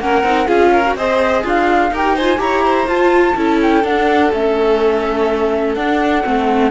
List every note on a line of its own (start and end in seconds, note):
0.00 0.23 A#3
0.00 0.25 C#4
0.00 0.47 A#4
0.00 0.48 F#5
0.23 0.47 C4
0.23 0.47 D#4
0.47 0.95 C#4
0.47 0.83 F4
0.47 0.71 G#4
0.47 0.96 F5
0.72 0.96 A#4
0.86 0.97 F#4
0.95 1.43 C4
0.95 1.93 G#4
0.95 1.43 C5
0.95 1.45 D#5
1.43 1.91 D4
1.43 1.91 F4
1.43 1.96 F5
1.91 2.39 D#4
1.91 2.18 G4
1.91 2.16 A#4
1.91 2.17 G5
2.16 2.37 F4
2.16 2.40 C5
2.16 2.40 G#5
2.37 2.87 E4
2.37 2.85 G4
2.37 2.64 C#5
2.37 2.88 A#5
2.64 3.36 C5
2.87 3.35 F4
2.87 3.60 A5
3.36 3.84 C#4
3.36 3.83 E4
3.36 6.71 A4
3.62 3.85 G5
3.83 4.31 D4
3.83 4.32 D4
3.83 4.33 F#5
4.32 5.76 A3
4.32 5.77 C#4
4.32 5.74 E5
5.74 6.24 D4
5.74 6.70 F#5
6.24 6.71 A3
6.24 6.71 C4